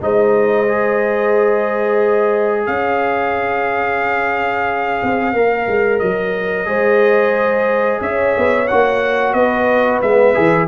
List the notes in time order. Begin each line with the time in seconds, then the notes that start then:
0.00 G#3 D#4 C5 D#5
0.68 G#4
2.66 C#4 C#5 F5
5.03 C4
5.33 A#3 A#4
5.67 G#3
5.99 F#3 D#5
6.65 G#3 G#4 C5
8.01 C#4 C#5 E5
8.37 B3
8.67 A#3 F#4 F#5
9.33 B3 B4 D#5
10.01 G#3 B3 E5
10.34 E3 G#4